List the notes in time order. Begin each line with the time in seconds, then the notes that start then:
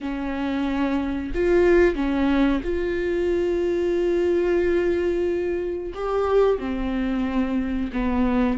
0.00 C#4
1.34 F4
1.95 C#4
2.63 F4
5.94 G4
6.58 C4
7.93 B3